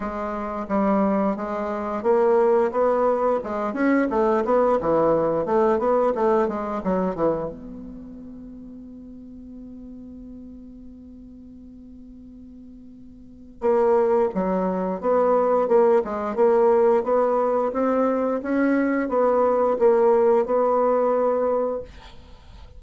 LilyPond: \new Staff \with { instrumentName = "bassoon" } { \time 4/4 \tempo 4 = 88 gis4 g4 gis4 ais4 | b4 gis8 cis'8 a8 b8 e4 | a8 b8 a8 gis8 fis8 e8 b4~ | b1~ |
b1 | ais4 fis4 b4 ais8 gis8 | ais4 b4 c'4 cis'4 | b4 ais4 b2 | }